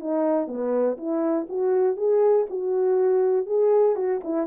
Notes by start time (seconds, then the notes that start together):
0.00 D#4
0.48 B3
0.98 E4
1.49 F#4
1.97 G#4
2.50 F#4
3.47 G#4
3.96 F#4
4.24 E4